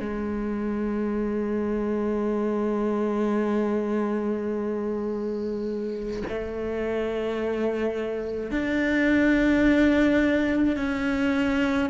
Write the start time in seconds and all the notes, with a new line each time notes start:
0.00 G#3
6.29 A3
8.51 D4
10.77 C#4